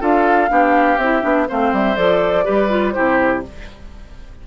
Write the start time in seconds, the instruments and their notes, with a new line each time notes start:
0.00 bassoon D4, clarinet F4, oboe A4, flute F5
0.49 bassoon B3, clarinet D4, oboe G4
0.98 bassoon C4, clarinet E4, flute E5
1.22 bassoon B3, clarinet D4
1.49 bassoon A3, clarinet C4, oboe C5, flute F5
1.73 bassoon G3, flute E5
1.96 bassoon F3, clarinet A4, flute D5
2.45 bassoon G3, clarinet G4, oboe B4
2.70 clarinet F4
2.91 clarinet E4, oboe G4, flute C5
2.98 bassoon C3